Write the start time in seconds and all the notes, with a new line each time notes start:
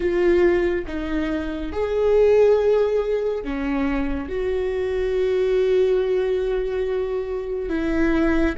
0.00 F4
0.86 D#4
1.72 G#4
3.44 C#4
4.28 F#4
7.69 E4